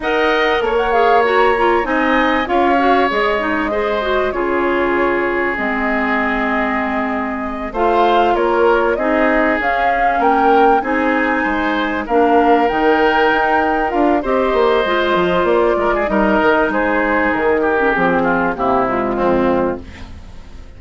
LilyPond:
<<
  \new Staff \with { instrumentName = "flute" } { \time 4/4 \tempo 4 = 97 fis''4 a'16 fis''16 f''8 ais''4 gis''4 | f''4 dis''2 cis''4~ | cis''4 dis''2.~ | dis''8 f''4 cis''4 dis''4 f''8~ |
f''8 g''4 gis''2 f''8~ | f''8 g''2 f''8 dis''4~ | dis''4 d''4 dis''4 c''4 | ais'4 gis'4 g'8 f'4. | }
  \new Staff \with { instrumentName = "oboe" } { \time 4/4 dis''4 cis''2 dis''4 | cis''2 c''4 gis'4~ | gis'1~ | gis'8 c''4 ais'4 gis'4.~ |
gis'8 ais'4 gis'4 c''4 ais'8~ | ais'2. c''4~ | c''4. ais'16 gis'16 ais'4 gis'4~ | gis'8 g'4 f'8 e'4 c'4 | }
  \new Staff \with { instrumentName = "clarinet" } { \time 4/4 ais'4. gis'8 fis'8 f'8 dis'4 | f'8 fis'8 gis'8 dis'8 gis'8 fis'8 f'4~ | f'4 c'2.~ | c'8 f'2 dis'4 cis'8~ |
cis'4. dis'2 d'8~ | d'8 dis'2 f'8 g'4 | f'2 dis'2~ | dis'8. cis'16 c'4 ais8 gis4. | }
  \new Staff \with { instrumentName = "bassoon" } { \time 4/4 dis'4 ais2 c'4 | cis'4 gis2 cis4~ | cis4 gis2.~ | gis8 a4 ais4 c'4 cis'8~ |
cis'8 ais4 c'4 gis4 ais8~ | ais8 dis4 dis'4 d'8 c'8 ais8 | gis8 f8 ais8 gis8 g8 dis8 gis4 | dis4 f4 c4 f,4 | }
>>